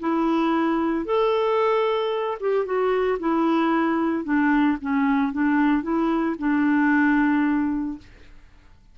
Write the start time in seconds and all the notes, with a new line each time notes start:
0.00 E4
1.05 A4
2.41 G4
2.65 F#4
3.20 E4
4.24 D4
4.81 C#4
5.33 D4
5.83 E4
6.39 D4